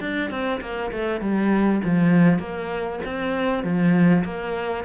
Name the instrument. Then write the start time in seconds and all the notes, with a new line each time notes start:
cello
0.00 D4
0.30 C4
0.61 A#3
0.91 A3
1.21 G3
1.84 F3
2.39 A#3
3.05 C4
3.63 F3
4.24 A#3